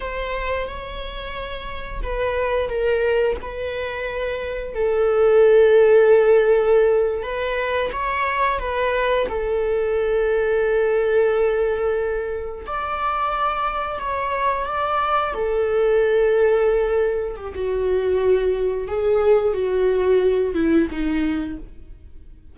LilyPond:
\new Staff \with { instrumentName = "viola" } { \time 4/4 \tempo 4 = 89 c''4 cis''2 b'4 | ais'4 b'2 a'4~ | a'2~ a'8. b'4 cis''16~ | cis''8. b'4 a'2~ a'16~ |
a'2~ a'8. d''4~ d''16~ | d''8. cis''4 d''4 a'4~ a'16~ | a'4.~ a'16 g'16 fis'2 | gis'4 fis'4. e'8 dis'4 | }